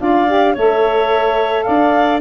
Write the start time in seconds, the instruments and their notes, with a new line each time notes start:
0.00 tuba D4, saxophone F4, clarinet D5, flute F5
0.27 saxophone G4
0.53 tuba A3, saxophone A4, clarinet C#5, flute E5
1.63 tuba D4, clarinet D5, flute F5